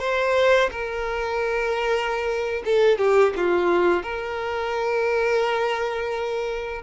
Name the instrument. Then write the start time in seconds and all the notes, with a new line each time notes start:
violin
0.00 C5
0.72 A#4
2.65 A4
2.98 G4
3.37 F4
4.03 A#4